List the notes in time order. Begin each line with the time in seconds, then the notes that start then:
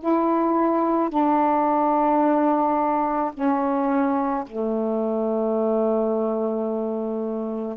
0.00 E4
1.10 D4
3.34 C#4
4.47 A3